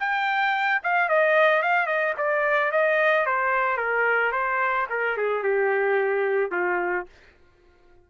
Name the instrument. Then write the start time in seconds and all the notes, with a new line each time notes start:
trumpet
0.00 G5
0.84 F5
1.09 D#5
1.63 F5
1.87 D#5
2.18 D5
2.72 D#5
3.26 C5
3.78 A#4
4.32 C5
4.90 A#4
5.17 G#4
5.43 G4
6.52 F4